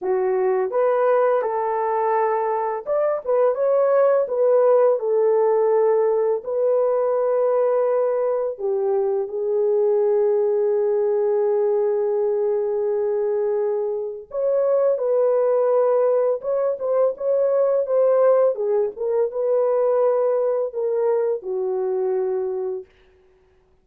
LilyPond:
\new Staff \with { instrumentName = "horn" } { \time 4/4 \tempo 4 = 84 fis'4 b'4 a'2 | d''8 b'8 cis''4 b'4 a'4~ | a'4 b'2. | g'4 gis'2.~ |
gis'1 | cis''4 b'2 cis''8 c''8 | cis''4 c''4 gis'8 ais'8 b'4~ | b'4 ais'4 fis'2 | }